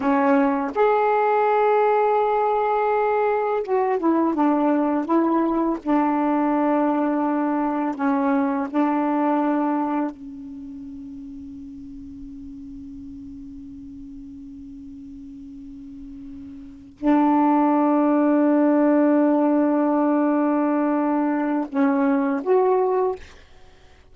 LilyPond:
\new Staff \with { instrumentName = "saxophone" } { \time 4/4 \tempo 4 = 83 cis'4 gis'2.~ | gis'4 fis'8 e'8 d'4 e'4 | d'2. cis'4 | d'2 cis'2~ |
cis'1~ | cis'2.~ cis'8 d'8~ | d'1~ | d'2 cis'4 fis'4 | }